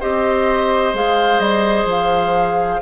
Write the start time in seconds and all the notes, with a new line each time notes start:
0.00 C4 G4 C5 D#5
0.94 G#3 G#4 F5
1.39 G3 D#5
1.85 F3
1.91 F5